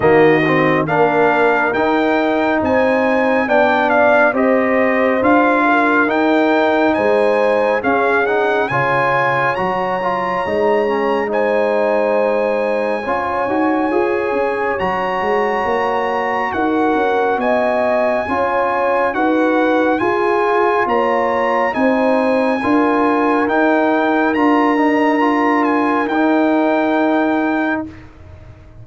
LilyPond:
<<
  \new Staff \with { instrumentName = "trumpet" } { \time 4/4 \tempo 4 = 69 dis''4 f''4 g''4 gis''4 | g''8 f''8 dis''4 f''4 g''4 | gis''4 f''8 fis''8 gis''4 ais''4~ | ais''4 gis''2.~ |
gis''4 ais''2 fis''4 | gis''2 fis''4 gis''4 | ais''4 gis''2 g''4 | ais''4. gis''8 g''2 | }
  \new Staff \with { instrumentName = "horn" } { \time 4/4 fis'4 ais'2 c''4 | d''4 c''4. ais'4. | c''4 gis'4 cis''2~ | cis''4 c''2 cis''4~ |
cis''2. ais'4 | dis''4 cis''4 b'4 gis'4 | cis''4 c''4 ais'2~ | ais'1 | }
  \new Staff \with { instrumentName = "trombone" } { \time 4/4 ais8 c'8 d'4 dis'2 | d'4 g'4 f'4 dis'4~ | dis'4 cis'8 dis'8 f'4 fis'8 f'8 | dis'8 cis'8 dis'2 f'8 fis'8 |
gis'4 fis'2.~ | fis'4 f'4 fis'4 f'4~ | f'4 dis'4 f'4 dis'4 | f'8 dis'8 f'4 dis'2 | }
  \new Staff \with { instrumentName = "tuba" } { \time 4/4 dis4 ais4 dis'4 c'4 | b4 c'4 d'4 dis'4 | gis4 cis'4 cis4 fis4 | gis2. cis'8 dis'8 |
f'8 cis'8 fis8 gis8 ais4 dis'8 cis'8 | b4 cis'4 dis'4 f'4 | ais4 c'4 d'4 dis'4 | d'2 dis'2 | }
>>